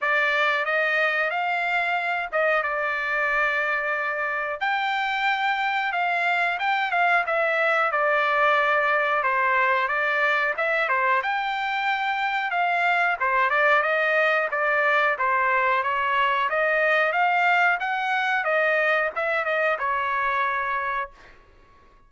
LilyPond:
\new Staff \with { instrumentName = "trumpet" } { \time 4/4 \tempo 4 = 91 d''4 dis''4 f''4. dis''8 | d''2. g''4~ | g''4 f''4 g''8 f''8 e''4 | d''2 c''4 d''4 |
e''8 c''8 g''2 f''4 | c''8 d''8 dis''4 d''4 c''4 | cis''4 dis''4 f''4 fis''4 | dis''4 e''8 dis''8 cis''2 | }